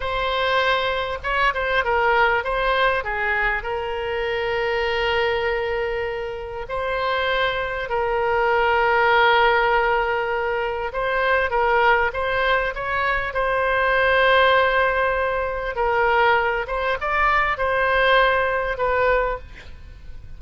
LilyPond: \new Staff \with { instrumentName = "oboe" } { \time 4/4 \tempo 4 = 99 c''2 cis''8 c''8 ais'4 | c''4 gis'4 ais'2~ | ais'2. c''4~ | c''4 ais'2.~ |
ais'2 c''4 ais'4 | c''4 cis''4 c''2~ | c''2 ais'4. c''8 | d''4 c''2 b'4 | }